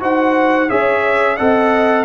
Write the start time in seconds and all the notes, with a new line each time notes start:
0.00 D#4 F#4 C5 F#5
0.69 C#4 G#4 C#5 E5
1.37 C4 A4 D#5 F#5